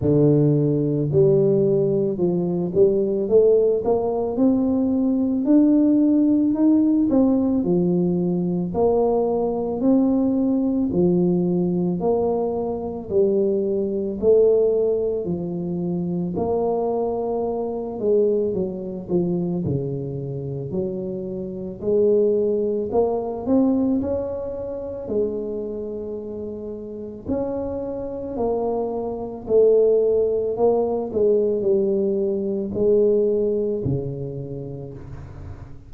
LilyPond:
\new Staff \with { instrumentName = "tuba" } { \time 4/4 \tempo 4 = 55 d4 g4 f8 g8 a8 ais8 | c'4 d'4 dis'8 c'8 f4 | ais4 c'4 f4 ais4 | g4 a4 f4 ais4~ |
ais8 gis8 fis8 f8 cis4 fis4 | gis4 ais8 c'8 cis'4 gis4~ | gis4 cis'4 ais4 a4 | ais8 gis8 g4 gis4 cis4 | }